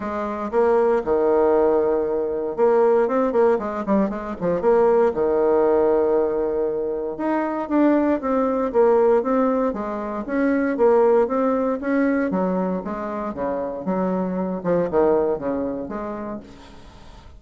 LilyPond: \new Staff \with { instrumentName = "bassoon" } { \time 4/4 \tempo 4 = 117 gis4 ais4 dis2~ | dis4 ais4 c'8 ais8 gis8 g8 | gis8 f8 ais4 dis2~ | dis2 dis'4 d'4 |
c'4 ais4 c'4 gis4 | cis'4 ais4 c'4 cis'4 | fis4 gis4 cis4 fis4~ | fis8 f8 dis4 cis4 gis4 | }